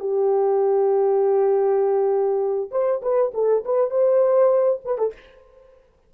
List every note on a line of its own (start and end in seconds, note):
0.00 2.70 G4
2.71 3.01 C5
3.02 3.32 B4
3.34 3.64 A4
3.65 3.90 B4
3.90 4.80 C5
4.85 4.98 B4
4.98 5.13 A4